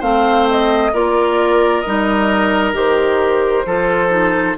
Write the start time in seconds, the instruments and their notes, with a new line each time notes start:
0.00 bassoon A3, clarinet C4, oboe C5, flute F5
0.51 flute D#5
0.93 bassoon A#3, clarinet F4, oboe A#4, flute D5
1.81 bassoon G3, clarinet D#4, flute D#5
2.73 bassoon D#3, clarinet G4, flute C5
3.66 bassoon F3, clarinet F4, oboe A4
4.10 clarinet D#4